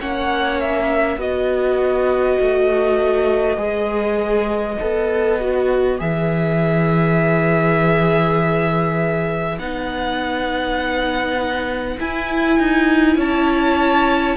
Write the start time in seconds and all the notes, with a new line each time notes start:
0.00 A#3 C#4 C#5 F#5
0.60 E5
1.17 B3 F#4 B4 D#5
2.41 A3
3.57 G#3 G#4
4.80 B3 A4
5.40 F#4
5.98 E3 G#4 E5
9.58 B3 D#4 F#5
11.99 E4 G#5
12.59 D#4
13.16 C#4 C#5 A5